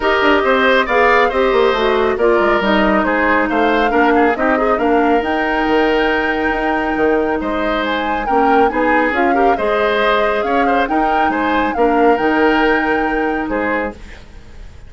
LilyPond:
<<
  \new Staff \with { instrumentName = "flute" } { \time 4/4 \tempo 4 = 138 dis''2 f''4 dis''4~ | dis''4 d''4 dis''4 c''4 | f''2 dis''4 f''4 | g''1~ |
g''4 dis''4 gis''4 g''4 | gis''4 f''4 dis''2 | f''4 g''4 gis''4 f''4 | g''2. c''4 | }
  \new Staff \with { instrumentName = "oboe" } { \time 4/4 ais'4 c''4 d''4 c''4~ | c''4 ais'2 gis'4 | c''4 ais'8 gis'8 g'8 dis'8 ais'4~ | ais'1~ |
ais'4 c''2 ais'4 | gis'4. ais'8 c''2 | cis''8 c''8 ais'4 c''4 ais'4~ | ais'2. gis'4 | }
  \new Staff \with { instrumentName = "clarinet" } { \time 4/4 g'2 gis'4 g'4 | fis'4 f'4 dis'2~ | dis'4 d'4 dis'8 gis'8 d'4 | dis'1~ |
dis'2. cis'4 | dis'4 f'8 g'8 gis'2~ | gis'4 dis'2 d'4 | dis'1 | }
  \new Staff \with { instrumentName = "bassoon" } { \time 4/4 dis'8 d'8 c'4 b4 c'8 ais8 | a4 ais8 gis8 g4 gis4 | a4 ais4 c'4 ais4 | dis'4 dis2 dis'4 |
dis4 gis2 ais4 | b4 cis'4 gis2 | cis'4 dis'4 gis4 ais4 | dis2. gis4 | }
>>